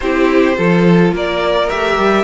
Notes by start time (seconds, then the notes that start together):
0.00 C4 E4 G4 C5
0.55 F3 F4 A4
1.12 A#3 A#4 D5
1.69 A3 G4 E5
1.97 G3